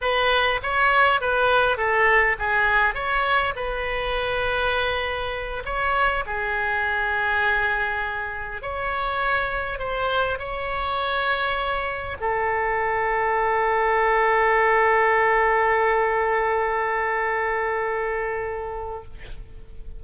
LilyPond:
\new Staff \with { instrumentName = "oboe" } { \time 4/4 \tempo 4 = 101 b'4 cis''4 b'4 a'4 | gis'4 cis''4 b'2~ | b'4. cis''4 gis'4.~ | gis'2~ gis'8 cis''4.~ |
cis''8 c''4 cis''2~ cis''8~ | cis''8 a'2.~ a'8~ | a'1~ | a'1 | }